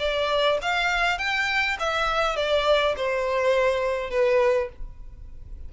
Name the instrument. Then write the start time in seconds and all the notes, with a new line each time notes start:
violin
0.00 D5
0.62 F5
1.19 G5
1.80 E5
2.37 D5
2.97 C5
4.11 B4